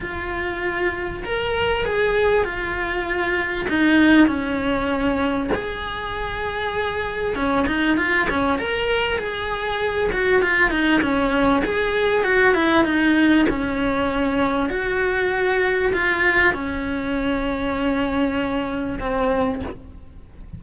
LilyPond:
\new Staff \with { instrumentName = "cello" } { \time 4/4 \tempo 4 = 98 f'2 ais'4 gis'4 | f'2 dis'4 cis'4~ | cis'4 gis'2. | cis'8 dis'8 f'8 cis'8 ais'4 gis'4~ |
gis'8 fis'8 f'8 dis'8 cis'4 gis'4 | fis'8 e'8 dis'4 cis'2 | fis'2 f'4 cis'4~ | cis'2. c'4 | }